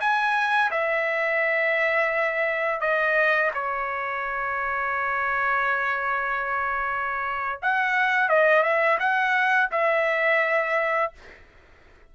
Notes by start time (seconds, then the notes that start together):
0.00 G#5
0.71 E5
2.80 D#5
3.54 C#5
7.62 F#5
8.29 D#5
8.63 E5
8.99 F#5
9.71 E5